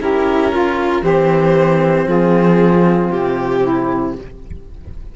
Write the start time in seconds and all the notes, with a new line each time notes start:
0.00 C#4 E4 G4 A#4
0.52 F4
1.02 E3 C4 G4 C5
2.06 F3 F4 G#4
3.10 C3 G4
3.62 E4